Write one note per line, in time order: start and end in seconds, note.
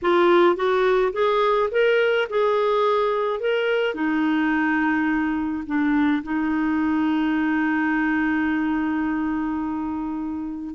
0.02 0.55 F4
0.55 1.12 F#4
1.12 1.69 G#4
1.71 2.28 A#4
2.29 3.40 G#4
3.40 3.94 A#4
3.94 5.64 D#4
5.66 6.22 D4
6.23 10.74 D#4